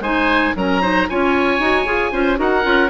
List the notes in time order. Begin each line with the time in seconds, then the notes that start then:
0.00 G#3 D#4 C5 G#5
0.56 F#3 C#4 A#4 A#5
0.82 D#4 C5
1.09 C#4 F4 C#5 G#5
1.59 D#4 F#4
1.86 F4 G#4
2.12 C#4 F4 C5
2.37 D#4 F#4 A#4 F#5
2.63 C#4 F4